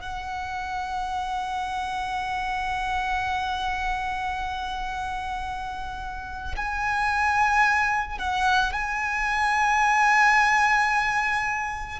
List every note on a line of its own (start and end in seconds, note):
0.00 6.55 F#5
6.56 8.18 G#5
8.18 8.73 F#5
8.73 12.00 G#5